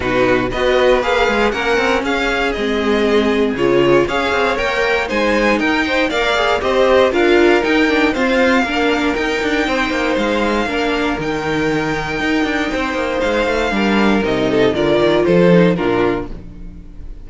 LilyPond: <<
  \new Staff \with { instrumentName = "violin" } { \time 4/4 \tempo 4 = 118 b'4 dis''4 f''4 fis''4 | f''4 dis''2 cis''4 | f''4 g''4 gis''4 g''4 | f''4 dis''4 f''4 g''4 |
f''2 g''2 | f''2 g''2~ | g''2 f''2 | dis''4 d''4 c''4 ais'4 | }
  \new Staff \with { instrumentName = "violin" } { \time 4/4 fis'4 b'2 ais'4 | gis'1 | cis''2 c''4 ais'8 c''8 | d''4 c''4 ais'2 |
c''4 ais'2 c''4~ | c''4 ais'2.~ | ais'4 c''2 ais'4~ | ais'8 a'8 ais'4 a'4 f'4 | }
  \new Staff \with { instrumentName = "viola" } { \time 4/4 dis'4 fis'4 gis'4 cis'4~ | cis'4 c'2 f'4 | gis'4 ais'4 dis'2 | ais'8 gis'8 g'4 f'4 dis'8 d'8 |
c'4 d'4 dis'2~ | dis'4 d'4 dis'2~ | dis'2. d'4 | dis'4 f'4. dis'8 d'4 | }
  \new Staff \with { instrumentName = "cello" } { \time 4/4 b,4 b4 ais8 gis8 ais8 c'8 | cis'4 gis2 cis4 | cis'8 c'8 ais4 gis4 dis'4 | ais4 c'4 d'4 dis'4 |
f'4 ais4 dis'8 d'8 c'8 ais8 | gis4 ais4 dis2 | dis'8 d'8 c'8 ais8 gis8 a8 g4 | c4 d8 dis8 f4 ais,4 | }
>>